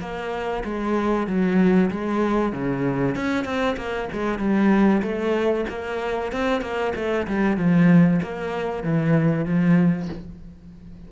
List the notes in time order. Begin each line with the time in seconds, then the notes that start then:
0.00 A#3
0.64 G#3
1.27 F#3
1.90 G#3
2.52 C#3
3.15 C#4
3.44 C4
3.77 A#3
4.12 G#3
4.39 G3
5.02 A3
5.69 A#3
6.32 C4
6.61 A#3
6.95 A3
7.27 G3
7.57 F3
8.22 A#3
8.83 E3
9.45 F3